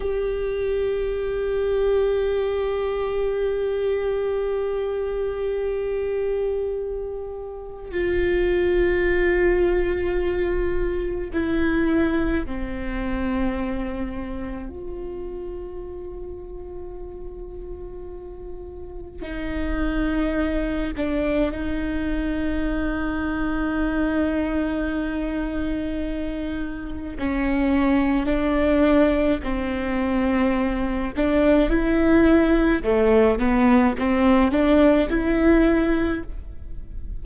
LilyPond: \new Staff \with { instrumentName = "viola" } { \time 4/4 \tempo 4 = 53 g'1~ | g'2. f'4~ | f'2 e'4 c'4~ | c'4 f'2.~ |
f'4 dis'4. d'8 dis'4~ | dis'1 | cis'4 d'4 c'4. d'8 | e'4 a8 b8 c'8 d'8 e'4 | }